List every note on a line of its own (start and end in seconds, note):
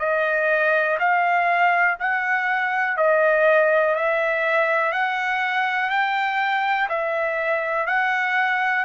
0.00 0.98 D#5
1.00 1.99 F5
2.00 2.98 F#5
2.98 3.96 D#5
3.96 4.93 E5
4.93 5.91 F#5
5.91 6.89 G5
6.89 7.87 E5
7.87 8.85 F#5